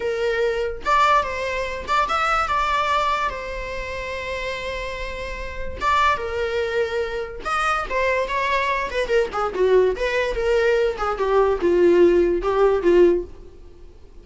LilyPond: \new Staff \with { instrumentName = "viola" } { \time 4/4 \tempo 4 = 145 ais'2 d''4 c''4~ | c''8 d''8 e''4 d''2 | c''1~ | c''2 d''4 ais'4~ |
ais'2 dis''4 c''4 | cis''4. b'8 ais'8 gis'8 fis'4 | b'4 ais'4. gis'8 g'4 | f'2 g'4 f'4 | }